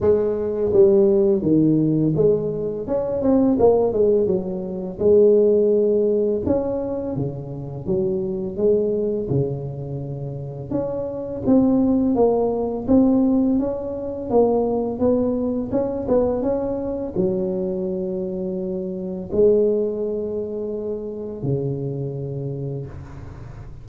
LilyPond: \new Staff \with { instrumentName = "tuba" } { \time 4/4 \tempo 4 = 84 gis4 g4 dis4 gis4 | cis'8 c'8 ais8 gis8 fis4 gis4~ | gis4 cis'4 cis4 fis4 | gis4 cis2 cis'4 |
c'4 ais4 c'4 cis'4 | ais4 b4 cis'8 b8 cis'4 | fis2. gis4~ | gis2 cis2 | }